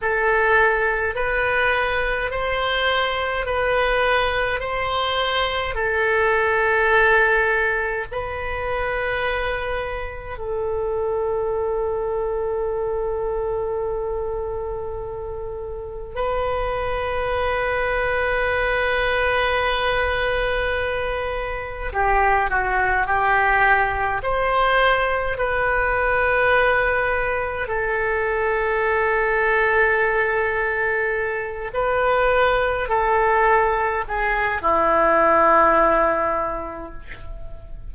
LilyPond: \new Staff \with { instrumentName = "oboe" } { \time 4/4 \tempo 4 = 52 a'4 b'4 c''4 b'4 | c''4 a'2 b'4~ | b'4 a'2.~ | a'2 b'2~ |
b'2. g'8 fis'8 | g'4 c''4 b'2 | a'2.~ a'8 b'8~ | b'8 a'4 gis'8 e'2 | }